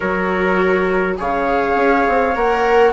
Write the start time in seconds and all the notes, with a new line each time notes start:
0.00 F#3 F#4 A#4 C#5
1.17 C#3 G#4 C#5 F5
1.75 C#4
2.08 C4
2.35 A#3 A#4 F#5